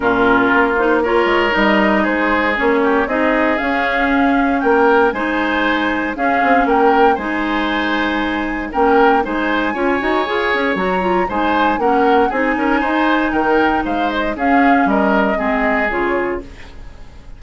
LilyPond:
<<
  \new Staff \with { instrumentName = "flute" } { \time 4/4 \tempo 4 = 117 ais'4. c''8 cis''4 dis''4 | c''4 cis''4 dis''4 f''4~ | f''4 g''4 gis''2 | f''4 g''4 gis''2~ |
gis''4 g''4 gis''2~ | gis''4 ais''4 gis''4 fis''4 | gis''2 g''4 f''8 dis''8 | f''4 dis''2 cis''4 | }
  \new Staff \with { instrumentName = "oboe" } { \time 4/4 f'2 ais'2 | gis'4. g'8 gis'2~ | gis'4 ais'4 c''2 | gis'4 ais'4 c''2~ |
c''4 ais'4 c''4 cis''4~ | cis''2 c''4 ais'4 | gis'8 ais'8 c''4 ais'4 c''4 | gis'4 ais'4 gis'2 | }
  \new Staff \with { instrumentName = "clarinet" } { \time 4/4 cis'4. dis'8 f'4 dis'4~ | dis'4 cis'4 dis'4 cis'4~ | cis'2 dis'2 | cis'2 dis'2~ |
dis'4 cis'4 dis'4 f'8 fis'8 | gis'4 fis'8 f'8 dis'4 cis'4 | dis'1 | cis'2 c'4 f'4 | }
  \new Staff \with { instrumentName = "bassoon" } { \time 4/4 ais,4 ais4. gis8 g4 | gis4 ais4 c'4 cis'4~ | cis'4 ais4 gis2 | cis'8 c'8 ais4 gis2~ |
gis4 ais4 gis4 cis'8 dis'8 | f'8 cis'8 fis4 gis4 ais4 | c'8 cis'8 dis'4 dis4 gis4 | cis'4 g4 gis4 cis4 | }
>>